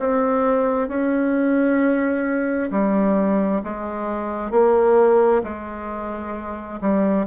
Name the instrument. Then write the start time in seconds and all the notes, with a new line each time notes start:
bassoon
0.00 C4
0.89 C#4
2.71 G3
3.64 G#3
4.52 A#3
5.44 G#3
6.81 G3